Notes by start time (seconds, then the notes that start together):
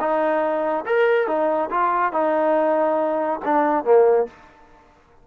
0.00 D#4
0.86 A#4
1.27 D#4
1.71 F4
2.13 D#4
3.45 D4
3.85 A#3